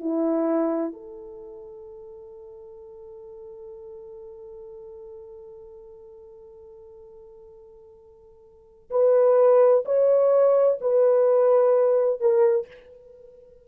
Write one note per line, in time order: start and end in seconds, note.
0.00 0.93 E4
0.93 8.90 A4
8.91 9.85 B4
9.86 10.79 C#5
10.81 12.21 B4
12.21 12.68 A#4